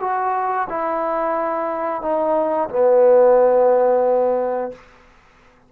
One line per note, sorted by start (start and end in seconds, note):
0.00 0.67 F#4
0.69 2.01 E4
2.01 2.69 D#4
2.69 4.71 B3